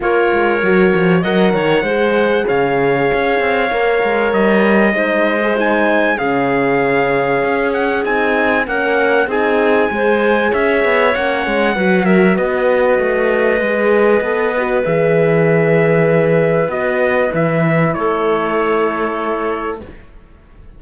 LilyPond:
<<
  \new Staff \with { instrumentName = "trumpet" } { \time 4/4 \tempo 4 = 97 cis''2 fis''2 | f''2. dis''4~ | dis''4 gis''4 f''2~ | f''8 fis''8 gis''4 fis''4 gis''4~ |
gis''4 e''4 fis''4. e''8 | dis''1 | e''2. dis''4 | e''4 cis''2. | }
  \new Staff \with { instrumentName = "clarinet" } { \time 4/4 ais'2 dis''8 cis''8 c''4 | cis''1 | c''2 gis'2~ | gis'2 ais'4 gis'4 |
c''4 cis''2 b'8 ais'8 | b'1~ | b'1~ | b'4 a'2. | }
  \new Staff \with { instrumentName = "horn" } { \time 4/4 f'4 fis'4 ais'4 gis'4~ | gis'2 ais'2 | dis'8. gis'16 dis'4 cis'2~ | cis'4 dis'4 cis'4 dis'4 |
gis'2 cis'4 fis'4~ | fis'2 gis'4 a'8 fis'8 | gis'2. fis'4 | e'1 | }
  \new Staff \with { instrumentName = "cello" } { \time 4/4 ais8 gis8 fis8 f8 fis8 dis8 gis4 | cis4 cis'8 c'8 ais8 gis8 g4 | gis2 cis2 | cis'4 c'4 ais4 c'4 |
gis4 cis'8 b8 ais8 gis8 fis4 | b4 a4 gis4 b4 | e2. b4 | e4 a2. | }
>>